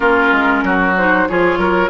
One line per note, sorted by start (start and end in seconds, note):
0.00 0.31 A#3
0.00 0.96 C#4
0.00 0.64 F4
0.00 0.95 A#4
0.31 0.63 G#3
0.63 1.27 F#3
0.63 1.28 F#4
0.97 1.28 D#4
0.97 1.28 C5
1.28 1.57 F3
1.28 1.89 F4
1.28 1.58 G#4
1.28 1.89 C#5
1.57 1.89 F#3
1.57 1.89 A#4